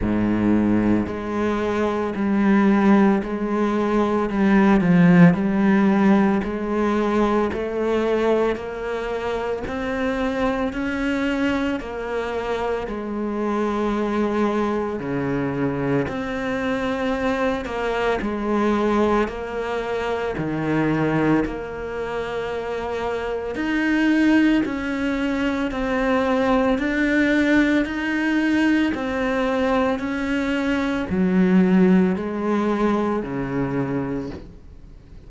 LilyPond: \new Staff \with { instrumentName = "cello" } { \time 4/4 \tempo 4 = 56 gis,4 gis4 g4 gis4 | g8 f8 g4 gis4 a4 | ais4 c'4 cis'4 ais4 | gis2 cis4 c'4~ |
c'8 ais8 gis4 ais4 dis4 | ais2 dis'4 cis'4 | c'4 d'4 dis'4 c'4 | cis'4 fis4 gis4 cis4 | }